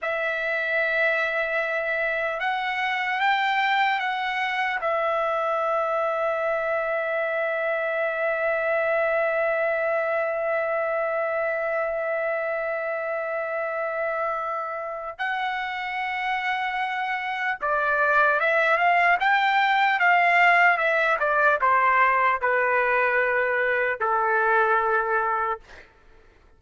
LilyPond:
\new Staff \with { instrumentName = "trumpet" } { \time 4/4 \tempo 4 = 75 e''2. fis''4 | g''4 fis''4 e''2~ | e''1~ | e''1~ |
e''2. fis''4~ | fis''2 d''4 e''8 f''8 | g''4 f''4 e''8 d''8 c''4 | b'2 a'2 | }